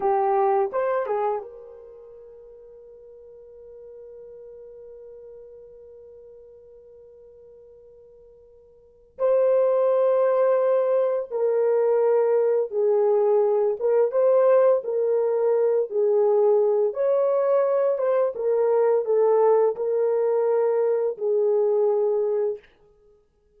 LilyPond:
\new Staff \with { instrumentName = "horn" } { \time 4/4 \tempo 4 = 85 g'4 c''8 gis'8 ais'2~ | ais'1~ | ais'1~ | ais'4 c''2. |
ais'2 gis'4. ais'8 | c''4 ais'4. gis'4. | cis''4. c''8 ais'4 a'4 | ais'2 gis'2 | }